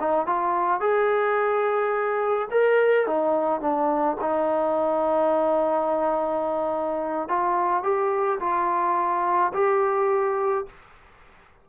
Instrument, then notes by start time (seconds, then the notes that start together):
trombone
0.00 D#4
0.27 F4
0.81 G#4
2.51 A#4
3.07 D#4
3.61 D4
4.21 D#4
7.29 F4
7.84 G4
8.41 F4
9.54 G4